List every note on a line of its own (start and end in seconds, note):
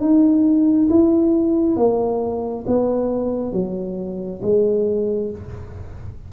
0.00 0.88 D#4
0.89 1.76 E4
1.76 2.65 A#3
2.67 3.53 B3
3.53 4.41 F#3
4.42 5.30 G#3